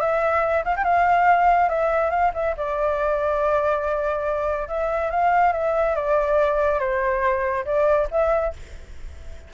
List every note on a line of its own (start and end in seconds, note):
0.00 0.64 E5
0.65 0.75 F5
0.76 0.84 G5
0.84 1.69 F5
1.69 2.10 E5
2.10 2.31 F5
2.34 2.55 E5
2.57 4.68 D5
4.68 5.11 E5
5.11 5.53 F5
5.53 5.95 E5
5.95 6.79 D5
6.79 7.65 C5
7.65 8.08 D5
8.11 8.54 E5